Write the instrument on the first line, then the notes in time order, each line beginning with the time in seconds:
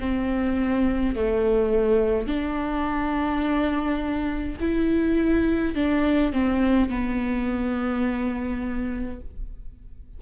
viola
0.00 C4
1.15 A3
2.27 D4
4.60 E4
5.75 D4
6.33 C4
6.90 B3